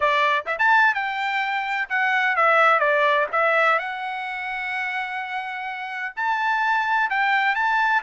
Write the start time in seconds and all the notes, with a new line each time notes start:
0.00 D5
0.46 E5
0.58 A5
0.94 G5
1.89 F#5
2.36 E5
2.79 D5
3.32 E5
3.78 F#5
6.16 A5
7.10 G5
7.55 A5